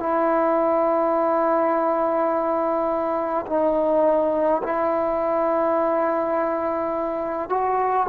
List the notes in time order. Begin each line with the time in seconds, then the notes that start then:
0.00 E4
3.47 D#4
4.64 E4
7.49 F#4